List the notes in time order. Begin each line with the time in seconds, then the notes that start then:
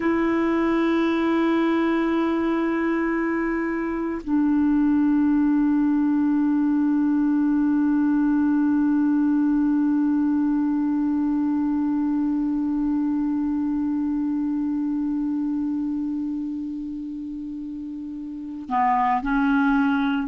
0.00 E4
4.23 D4
18.69 B3
19.22 C#4